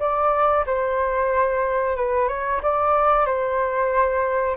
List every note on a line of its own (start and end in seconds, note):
0.00 0.65 D5
0.67 1.97 C5
1.97 2.29 B4
2.29 2.61 C#5
2.63 3.26 D5
3.26 4.57 C5